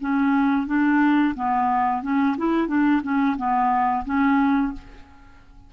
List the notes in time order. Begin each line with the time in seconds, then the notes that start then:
0.00 C#4
0.67 D4
1.35 B3
2.02 C#4
2.37 E4
2.68 D4
3.02 C#4
3.37 B3
4.05 C#4